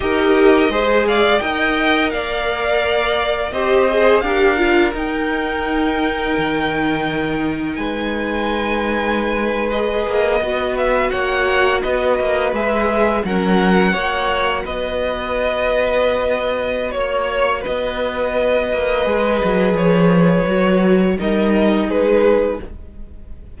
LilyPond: <<
  \new Staff \with { instrumentName = "violin" } { \time 4/4 \tempo 4 = 85 dis''4. f''8 g''4 f''4~ | f''4 dis''4 f''4 g''4~ | g''2. gis''4~ | gis''4.~ gis''16 dis''4. e''8 fis''16~ |
fis''8. dis''4 e''4 fis''4~ fis''16~ | fis''8. dis''2.~ dis''16 | cis''4 dis''2. | cis''2 dis''4 b'4 | }
  \new Staff \with { instrumentName = "violin" } { \time 4/4 ais'4 c''8 d''8 dis''4 d''4~ | d''4 c''4 ais'2~ | ais'2. b'4~ | b'2.~ b'8. cis''16~ |
cis''8. b'2 ais'4 cis''16~ | cis''8. b'2.~ b'16 | cis''4 b'2.~ | b'2 ais'4 gis'4 | }
  \new Staff \with { instrumentName = "viola" } { \time 4/4 g'4 gis'4 ais'2~ | ais'4 g'8 gis'8 g'8 f'8 dis'4~ | dis'1~ | dis'4.~ dis'16 gis'4 fis'4~ fis'16~ |
fis'4.~ fis'16 gis'4 cis'4 fis'16~ | fis'1~ | fis'2. gis'4~ | gis'4 fis'4 dis'2 | }
  \new Staff \with { instrumentName = "cello" } { \time 4/4 dis'4 gis4 dis'4 ais4~ | ais4 c'4 d'4 dis'4~ | dis'4 dis2 gis4~ | gis2~ gis16 ais8 b4 ais16~ |
ais8. b8 ais8 gis4 fis4 ais16~ | ais8. b2.~ b16 | ais4 b4. ais8 gis8 fis8 | f4 fis4 g4 gis4 | }
>>